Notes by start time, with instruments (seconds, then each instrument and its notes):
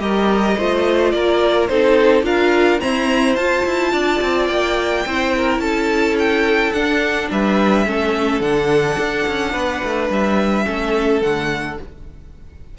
0.00 cello G3, viola G4, violin A#4 D#5
0.58 cello A3, viola F4, violin C5
1.12 cello A#3, violin A#4 D5
1.68 cello C4, viola D#4, violin A4 C5
2.23 cello D4, viola F4, violin A#4 F5
2.80 viola C4, cello E4, violin C5 A#5
3.36 cello F4, viola F4, violin A5
3.66 cello E4
3.93 cello D4, violin D5
4.22 cello C4
4.47 cello A#3, violin G5
5.06 cello C4, viola E4, violin C5
5.37 violin A#4
5.59 cello C#4, violin A4 A5
6.20 violin G5
6.73 cello D4, viola D4, violin F#5
7.31 cello G3, violin B4 E5
7.86 cello A3, viola C#4, violin A4
8.41 cello D3, viola D4, violin F#5
8.99 cello D4
9.28 cello C#4
9.53 cello B3, violin B4
9.84 cello A3
10.10 cello G3, violin E5
10.66 cello A3, viola C#4, violin A4
11.22 cello D3, viola A3, violin F#5